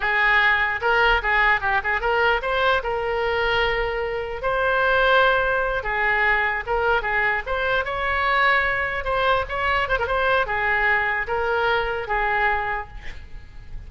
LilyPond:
\new Staff \with { instrumentName = "oboe" } { \time 4/4 \tempo 4 = 149 gis'2 ais'4 gis'4 | g'8 gis'8 ais'4 c''4 ais'4~ | ais'2. c''4~ | c''2~ c''8 gis'4.~ |
gis'8 ais'4 gis'4 c''4 cis''8~ | cis''2~ cis''8 c''4 cis''8~ | cis''8 c''16 ais'16 c''4 gis'2 | ais'2 gis'2 | }